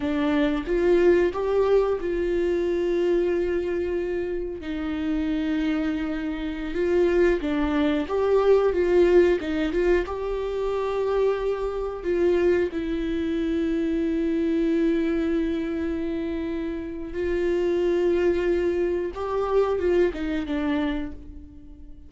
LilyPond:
\new Staff \with { instrumentName = "viola" } { \time 4/4 \tempo 4 = 91 d'4 f'4 g'4 f'4~ | f'2. dis'4~ | dis'2~ dis'16 f'4 d'8.~ | d'16 g'4 f'4 dis'8 f'8 g'8.~ |
g'2~ g'16 f'4 e'8.~ | e'1~ | e'2 f'2~ | f'4 g'4 f'8 dis'8 d'4 | }